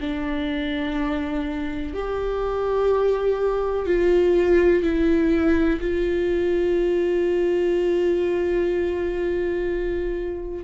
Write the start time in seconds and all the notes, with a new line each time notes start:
0.00 D4
1.94 G4
3.86 F4
4.83 E4
5.81 F4